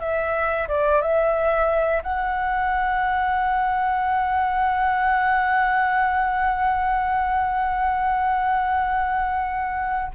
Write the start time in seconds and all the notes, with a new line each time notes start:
0.00 E5
0.68 D5
1.01 E5
2.03 F#5